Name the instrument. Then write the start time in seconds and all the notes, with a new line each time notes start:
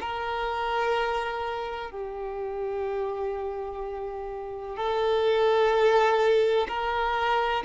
violin
0.00 A#4
1.91 G4
4.76 A4
6.68 A#4